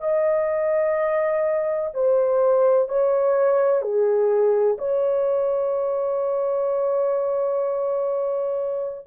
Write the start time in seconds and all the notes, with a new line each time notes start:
0.00 D#5
1.94 C5
2.88 C#5
3.81 G#4
4.78 C#5